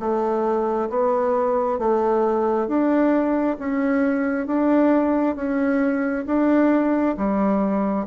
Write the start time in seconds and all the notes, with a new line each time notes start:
0.00 A3
0.90 B3
1.79 A3
2.68 D4
3.59 C#4
4.47 D4
5.36 C#4
6.27 D4
7.17 G3